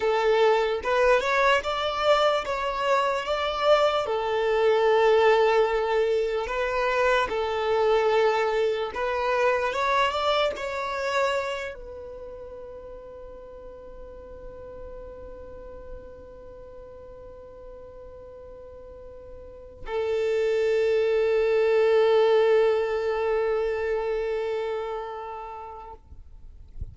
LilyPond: \new Staff \with { instrumentName = "violin" } { \time 4/4 \tempo 4 = 74 a'4 b'8 cis''8 d''4 cis''4 | d''4 a'2. | b'4 a'2 b'4 | cis''8 d''8 cis''4. b'4.~ |
b'1~ | b'1~ | b'8 a'2.~ a'8~ | a'1 | }